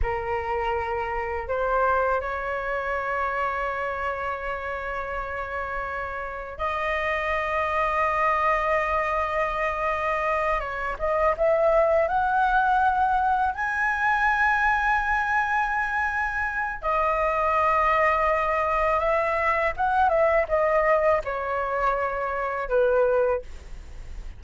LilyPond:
\new Staff \with { instrumentName = "flute" } { \time 4/4 \tempo 4 = 82 ais'2 c''4 cis''4~ | cis''1~ | cis''4 dis''2.~ | dis''2~ dis''8 cis''8 dis''8 e''8~ |
e''8 fis''2 gis''4.~ | gis''2. dis''4~ | dis''2 e''4 fis''8 e''8 | dis''4 cis''2 b'4 | }